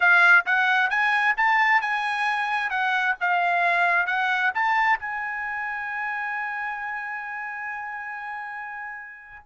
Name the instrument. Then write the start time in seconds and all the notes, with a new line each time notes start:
trumpet
0.00 F5
0.45 F#5
0.89 G#5
1.36 A5
1.81 G#5
2.70 F#5
3.20 F5
4.06 F#5
4.54 A5
4.99 G#5